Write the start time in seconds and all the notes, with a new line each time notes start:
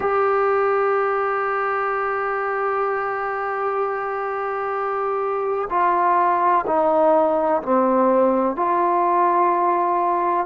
0.00 G4
5.69 F4
6.67 D#4
7.62 C4
8.56 F4